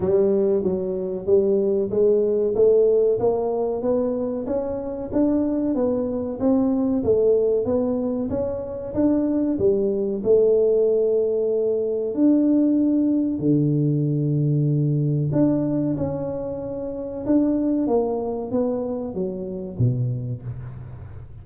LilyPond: \new Staff \with { instrumentName = "tuba" } { \time 4/4 \tempo 4 = 94 g4 fis4 g4 gis4 | a4 ais4 b4 cis'4 | d'4 b4 c'4 a4 | b4 cis'4 d'4 g4 |
a2. d'4~ | d'4 d2. | d'4 cis'2 d'4 | ais4 b4 fis4 b,4 | }